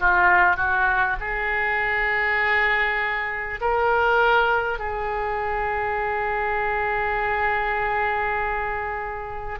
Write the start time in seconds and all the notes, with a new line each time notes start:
0.00 F4
0.57 F#4
1.20 G#4
3.61 A#4
4.79 G#4